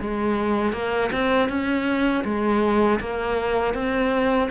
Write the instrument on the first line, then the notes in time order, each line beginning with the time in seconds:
cello
0.00 G#3
0.73 A#3
1.11 C4
1.49 C#4
2.24 G#3
3.00 A#3
3.74 C4